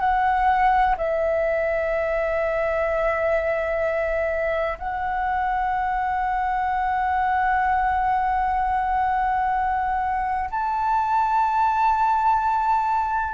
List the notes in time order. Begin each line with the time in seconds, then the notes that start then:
0.00 F#5
0.97 E5
4.79 F#5
10.51 A5